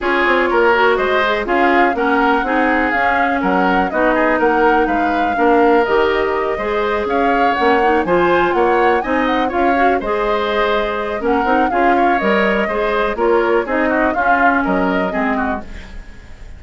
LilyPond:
<<
  \new Staff \with { instrumentName = "flute" } { \time 4/4 \tempo 4 = 123 cis''2 dis''4 f''4 | fis''2 f''4 fis''4 | dis''4 fis''4 f''2 | dis''2~ dis''8 f''4 fis''8~ |
fis''8 gis''4 fis''4 gis''8 fis''8 f''8~ | f''8 dis''2~ dis''8 fis''4 | f''4 dis''2 cis''4 | dis''4 f''4 dis''2 | }
  \new Staff \with { instrumentName = "oboe" } { \time 4/4 gis'4 ais'4 c''4 gis'4 | ais'4 gis'2 ais'4 | fis'8 gis'8 ais'4 b'4 ais'4~ | ais'4. c''4 cis''4.~ |
cis''8 c''4 cis''4 dis''4 cis''8~ | cis''8 c''2~ c''8 ais'4 | gis'8 cis''4. c''4 ais'4 | gis'8 fis'8 f'4 ais'4 gis'8 fis'8 | }
  \new Staff \with { instrumentName = "clarinet" } { \time 4/4 f'4. fis'4 gis'8 f'4 | cis'4 dis'4 cis'2 | dis'2. d'4 | g'4. gis'2 cis'8 |
dis'8 f'2 dis'4 f'8 | fis'8 gis'2~ gis'8 cis'8 dis'8 | f'4 ais'4 gis'4 f'4 | dis'4 cis'2 c'4 | }
  \new Staff \with { instrumentName = "bassoon" } { \time 4/4 cis'8 c'8 ais4 gis4 cis'4 | ais4 c'4 cis'4 fis4 | b4 ais4 gis4 ais4 | dis4. gis4 cis'4 ais8~ |
ais8 f4 ais4 c'4 cis'8~ | cis'8 gis2~ gis8 ais8 c'8 | cis'4 g4 gis4 ais4 | c'4 cis'4 fis4 gis4 | }
>>